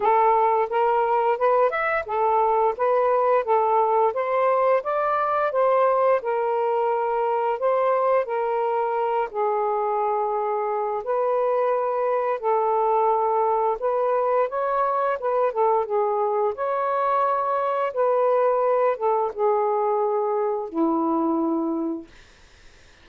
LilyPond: \new Staff \with { instrumentName = "saxophone" } { \time 4/4 \tempo 4 = 87 a'4 ais'4 b'8 e''8 a'4 | b'4 a'4 c''4 d''4 | c''4 ais'2 c''4 | ais'4. gis'2~ gis'8 |
b'2 a'2 | b'4 cis''4 b'8 a'8 gis'4 | cis''2 b'4. a'8 | gis'2 e'2 | }